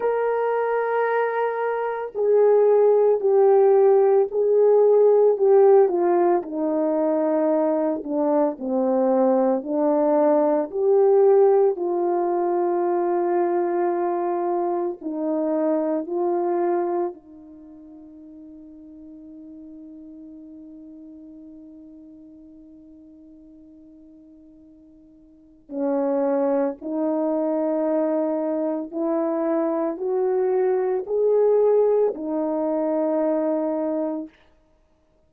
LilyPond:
\new Staff \with { instrumentName = "horn" } { \time 4/4 \tempo 4 = 56 ais'2 gis'4 g'4 | gis'4 g'8 f'8 dis'4. d'8 | c'4 d'4 g'4 f'4~ | f'2 dis'4 f'4 |
dis'1~ | dis'1 | cis'4 dis'2 e'4 | fis'4 gis'4 dis'2 | }